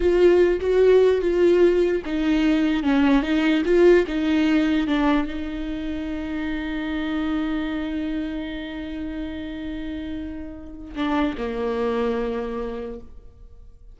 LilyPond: \new Staff \with { instrumentName = "viola" } { \time 4/4 \tempo 4 = 148 f'4. fis'4. f'4~ | f'4 dis'2 cis'4 | dis'4 f'4 dis'2 | d'4 dis'2.~ |
dis'1~ | dis'1~ | dis'2. d'4 | ais1 | }